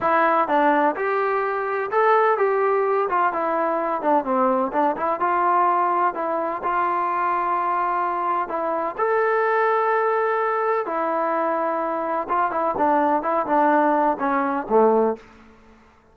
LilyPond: \new Staff \with { instrumentName = "trombone" } { \time 4/4 \tempo 4 = 127 e'4 d'4 g'2 | a'4 g'4. f'8 e'4~ | e'8 d'8 c'4 d'8 e'8 f'4~ | f'4 e'4 f'2~ |
f'2 e'4 a'4~ | a'2. e'4~ | e'2 f'8 e'8 d'4 | e'8 d'4. cis'4 a4 | }